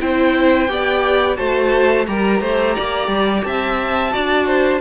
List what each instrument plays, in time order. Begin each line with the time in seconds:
0.00 cello C4, viola E4, violin C5 G5
0.69 cello B3, viola G4, violin D5
1.36 cello A3, viola F#4, violin C5 A5
2.07 cello G3, viola G4, violin A#4 A#5
2.41 cello A3, violin C5
2.76 cello A#3, violin D5
3.08 cello G3
3.44 cello C4, violin E5 A5
4.12 cello D4, viola F#4, violin D5
4.47 violin C5